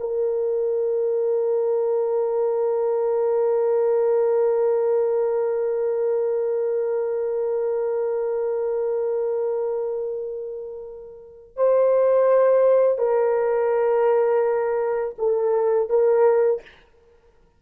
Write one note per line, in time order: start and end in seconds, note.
0.00 11.57 A#4
11.57 12.99 C5
12.99 15.15 A#4
15.18 15.90 A4
15.90 16.62 A#4